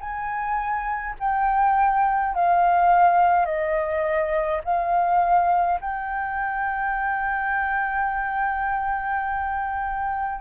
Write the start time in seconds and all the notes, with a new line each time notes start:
0.00 G#5
1.19 G5
2.34 F5
3.45 D#5
4.64 F5
5.81 G5